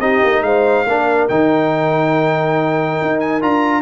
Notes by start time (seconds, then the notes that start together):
0.00 C4 D#4 G4 D#5
0.24 A#3
0.42 G#3 C5 F5
0.86 A#3 D4 A#4
1.29 D#3 D#4 G5
3.02 D#4
3.20 G#5
3.41 D4 F4 A#5